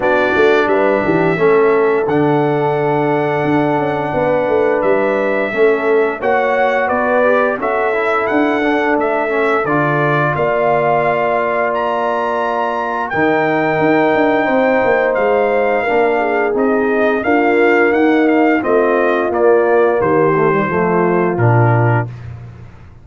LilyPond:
<<
  \new Staff \with { instrumentName = "trumpet" } { \time 4/4 \tempo 4 = 87 d''4 e''2 fis''4~ | fis''2. e''4~ | e''4 fis''4 d''4 e''4 | fis''4 e''4 d''4 f''4~ |
f''4 ais''2 g''4~ | g''2 f''2 | dis''4 f''4 fis''8 f''8 dis''4 | d''4 c''2 ais'4 | }
  \new Staff \with { instrumentName = "horn" } { \time 4/4 fis'4 b'8 g'8 a'2~ | a'2 b'2 | a'4 cis''4 b'4 a'4~ | a'2. d''4~ |
d''2. ais'4~ | ais'4 c''2 ais'8 gis'8~ | gis'4 f'4 dis'4 f'4~ | f'4 g'4 f'2 | }
  \new Staff \with { instrumentName = "trombone" } { \time 4/4 d'2 cis'4 d'4~ | d'1 | cis'4 fis'4. g'8 fis'8 e'8~ | e'8 d'4 cis'8 f'2~ |
f'2. dis'4~ | dis'2. d'4 | dis'4 ais2 c'4 | ais4. a16 g16 a4 d'4 | }
  \new Staff \with { instrumentName = "tuba" } { \time 4/4 b8 a8 g8 e8 a4 d4~ | d4 d'8 cis'8 b8 a8 g4 | a4 ais4 b4 cis'4 | d'4 a4 d4 ais4~ |
ais2. dis4 | dis'8 d'8 c'8 ais8 gis4 ais4 | c'4 d'4 dis'4 a4 | ais4 dis4 f4 ais,4 | }
>>